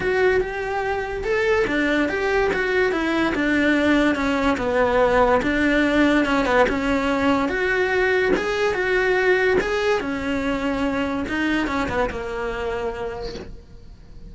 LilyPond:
\new Staff \with { instrumentName = "cello" } { \time 4/4 \tempo 4 = 144 fis'4 g'2 a'4 | d'4 g'4 fis'4 e'4 | d'2 cis'4 b4~ | b4 d'2 cis'8 b8 |
cis'2 fis'2 | gis'4 fis'2 gis'4 | cis'2. dis'4 | cis'8 b8 ais2. | }